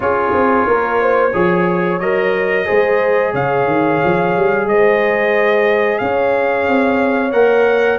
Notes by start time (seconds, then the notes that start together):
0.00 C#4 F4 G#4 C#5
0.32 C4
0.66 A#3 A#4
1.01 C5
1.31 F3 G#4 C#5
1.99 F#3 A#4 D#5
2.65 G#3 G#4 C5
3.32 C#3 C#5 F5
3.66 D#3
4.03 F3
4.37 G3
4.66 G#3 C5 D#5
5.98 C#4 C#5 F5
6.67 C4
7.32 A#3 A#4 F#5